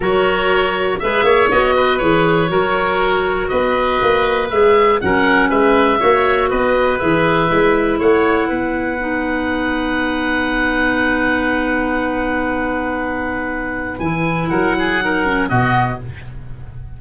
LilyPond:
<<
  \new Staff \with { instrumentName = "oboe" } { \time 4/4 \tempo 4 = 120 cis''2 e''4 dis''4 | cis''2. dis''4~ | dis''4 e''4 fis''4 e''4~ | e''4 dis''4 e''2 |
fis''1~ | fis''1~ | fis''1 | gis''4 fis''2 dis''4 | }
  \new Staff \with { instrumentName = "oboe" } { \time 4/4 ais'2 b'8 cis''4 b'8~ | b'4 ais'2 b'4~ | b'2 ais'4 b'4 | cis''4 b'2. |
cis''4 b'2.~ | b'1~ | b'1~ | b'4 ais'8 gis'8 ais'4 fis'4 | }
  \new Staff \with { instrumentName = "clarinet" } { \time 4/4 fis'2 gis'4 fis'4 | gis'4 fis'2.~ | fis'4 gis'4 cis'2 | fis'2 gis'4 e'4~ |
e'2 dis'2~ | dis'1~ | dis'1 | e'2 dis'8 cis'8 b4 | }
  \new Staff \with { instrumentName = "tuba" } { \time 4/4 fis2 gis8 ais8 b4 | e4 fis2 b4 | ais4 gis4 fis4 gis4 | ais4 b4 e4 gis4 |
a4 b2.~ | b1~ | b1 | e4 fis2 b,4 | }
>>